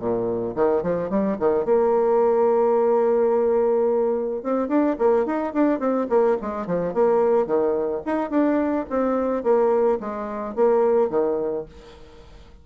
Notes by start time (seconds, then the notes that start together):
0.00 A#2
0.56 D#3
0.83 F3
1.10 G3
1.40 D#3
1.66 A#3
4.43 C4
4.69 D4
4.99 A#3
5.27 D#4
5.54 D4
5.80 C4
6.10 A#3
6.42 G#3
6.67 F3
6.94 A#3
7.47 D#3
8.06 D#4
8.31 D4
8.90 C4
9.44 A#3
10.01 G#3
10.56 A#3
11.10 D#3